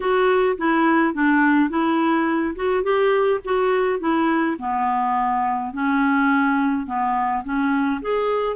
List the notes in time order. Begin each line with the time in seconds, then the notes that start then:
0.00 F#4
0.57 E4
1.14 D4
1.69 E4
2.55 F#4
2.83 G4
3.44 F#4
3.99 E4
4.58 B3
5.73 C#4
6.86 B3
7.43 C#4
8.01 G#4